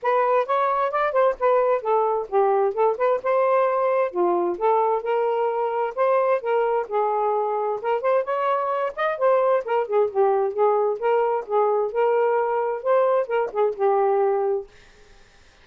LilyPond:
\new Staff \with { instrumentName = "saxophone" } { \time 4/4 \tempo 4 = 131 b'4 cis''4 d''8 c''8 b'4 | a'4 g'4 a'8 b'8 c''4~ | c''4 f'4 a'4 ais'4~ | ais'4 c''4 ais'4 gis'4~ |
gis'4 ais'8 c''8 cis''4. dis''8 | c''4 ais'8 gis'8 g'4 gis'4 | ais'4 gis'4 ais'2 | c''4 ais'8 gis'8 g'2 | }